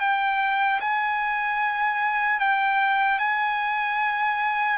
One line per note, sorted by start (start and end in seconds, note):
0.00 0.80 G5
0.80 2.39 G#5
2.39 3.19 G5
3.19 4.78 G#5